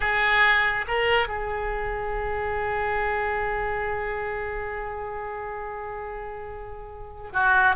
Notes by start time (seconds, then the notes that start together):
0.00 G#4
0.87 A#4
1.27 G#4
7.33 F#4